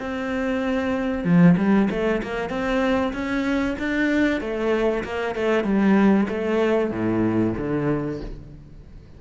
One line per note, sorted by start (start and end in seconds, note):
0.00 1.25 C4
1.25 1.56 F3
1.58 1.89 G3
1.91 2.22 A3
2.23 2.50 A#3
2.50 3.13 C4
3.14 3.77 C#4
3.79 4.41 D4
4.41 5.04 A3
5.04 5.36 A#3
5.36 5.65 A3
5.65 6.28 G3
6.29 6.91 A3
6.91 7.54 A2
7.58 8.21 D3